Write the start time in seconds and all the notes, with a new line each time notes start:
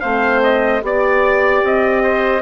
0.00 A3 C4 C5 F5
0.43 D#5
0.81 B3 G4 D5
1.62 C4 D#5
2.03 C5